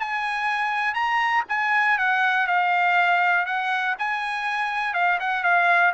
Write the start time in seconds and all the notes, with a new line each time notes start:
0.00 G#5
0.94 A#5
1.49 G#5
1.98 F#5
2.47 F5
3.46 F#5
3.98 G#5
4.94 F5
5.20 F#5
5.44 F5